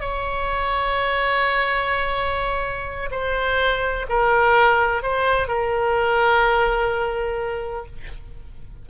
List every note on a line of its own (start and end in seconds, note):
0.00 3.10 C#5
3.11 4.06 C5
4.09 5.02 A#4
5.02 5.47 C5
5.47 7.85 A#4